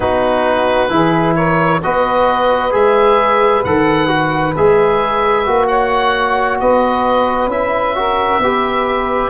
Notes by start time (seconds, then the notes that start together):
0.00 B3 D#4 F#4 B4
0.89 E3 E4 G#4
1.34 A#4 C#5
1.82 B3 F#4 B4 D#5
2.71 G#3 G#4 E5
3.63 D#3 A4 F#5
4.07 F#4
4.56 G#3 G#4 E5
5.46 A#3 F#4
5.67 C#5 F#5
6.60 B3 B4 D#5
7.47 C#4 E4 E5
7.94 F#4 A#4
8.38 B3 G4 B4